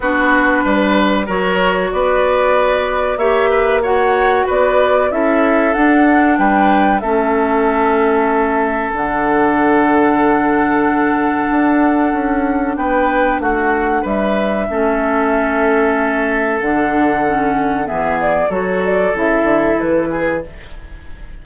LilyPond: <<
  \new Staff \with { instrumentName = "flute" } { \time 4/4 \tempo 4 = 94 b'2 cis''4 d''4~ | d''4 e''4 fis''4 d''4 | e''4 fis''4 g''4 e''4~ | e''2 fis''2~ |
fis''1 | g''4 fis''4 e''2~ | e''2 fis''2 | e''8 d''8 cis''8 d''8 e''4 b'4 | }
  \new Staff \with { instrumentName = "oboe" } { \time 4/4 fis'4 b'4 ais'4 b'4~ | b'4 cis''8 b'8 cis''4 b'4 | a'2 b'4 a'4~ | a'1~ |
a'1 | b'4 fis'4 b'4 a'4~ | a'1 | gis'4 a'2~ a'8 gis'8 | }
  \new Staff \with { instrumentName = "clarinet" } { \time 4/4 d'2 fis'2~ | fis'4 g'4 fis'2 | e'4 d'2 cis'4~ | cis'2 d'2~ |
d'1~ | d'2. cis'4~ | cis'2 d'4 cis'4 | b4 fis'4 e'2 | }
  \new Staff \with { instrumentName = "bassoon" } { \time 4/4 b4 g4 fis4 b4~ | b4 ais2 b4 | cis'4 d'4 g4 a4~ | a2 d2~ |
d2 d'4 cis'4 | b4 a4 g4 a4~ | a2 d2 | e4 fis4 cis8 d8 e4 | }
>>